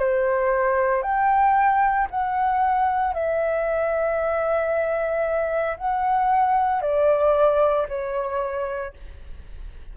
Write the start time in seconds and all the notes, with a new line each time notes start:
0.00 C5
1.03 G5
2.11 F#5
3.14 E5
5.78 F#5
6.82 D5
7.89 C#5